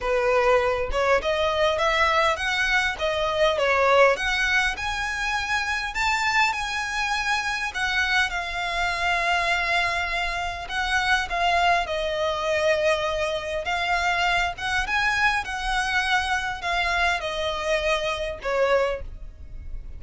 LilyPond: \new Staff \with { instrumentName = "violin" } { \time 4/4 \tempo 4 = 101 b'4. cis''8 dis''4 e''4 | fis''4 dis''4 cis''4 fis''4 | gis''2 a''4 gis''4~ | gis''4 fis''4 f''2~ |
f''2 fis''4 f''4 | dis''2. f''4~ | f''8 fis''8 gis''4 fis''2 | f''4 dis''2 cis''4 | }